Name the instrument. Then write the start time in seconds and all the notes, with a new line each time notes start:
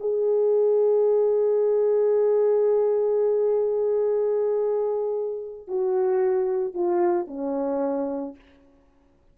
horn
0.00 G#4
5.67 F#4
6.74 F4
7.27 C#4